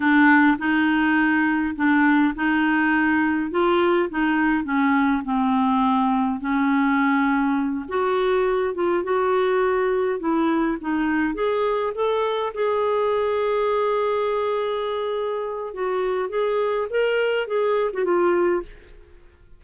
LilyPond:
\new Staff \with { instrumentName = "clarinet" } { \time 4/4 \tempo 4 = 103 d'4 dis'2 d'4 | dis'2 f'4 dis'4 | cis'4 c'2 cis'4~ | cis'4. fis'4. f'8 fis'8~ |
fis'4. e'4 dis'4 gis'8~ | gis'8 a'4 gis'2~ gis'8~ | gis'2. fis'4 | gis'4 ais'4 gis'8. fis'16 f'4 | }